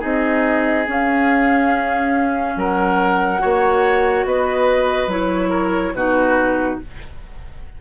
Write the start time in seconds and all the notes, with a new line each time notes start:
0.00 C4 D#4 G#4 D#5
0.87 C#4 F5
2.57 F#3 A#4 F#5
3.39 A#3 F#4 C#5
4.25 B3 B4 D#5
5.07 F#3 E4 C#5
5.50 A#4
5.94 B2 D#4 F#4 B4